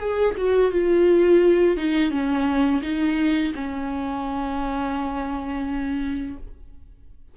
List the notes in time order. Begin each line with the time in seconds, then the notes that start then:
0.00 G#4
0.37 F#4
0.72 F4
1.77 D#4
2.11 C#4
2.82 D#4
3.55 C#4